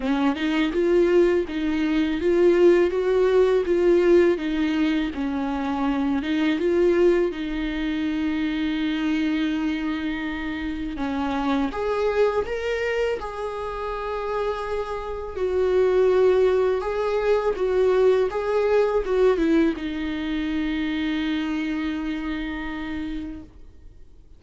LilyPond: \new Staff \with { instrumentName = "viola" } { \time 4/4 \tempo 4 = 82 cis'8 dis'8 f'4 dis'4 f'4 | fis'4 f'4 dis'4 cis'4~ | cis'8 dis'8 f'4 dis'2~ | dis'2. cis'4 |
gis'4 ais'4 gis'2~ | gis'4 fis'2 gis'4 | fis'4 gis'4 fis'8 e'8 dis'4~ | dis'1 | }